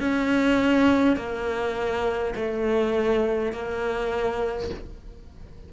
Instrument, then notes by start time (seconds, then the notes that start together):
cello
0.00 C#4
1.17 A#3
2.35 A3
3.52 A#3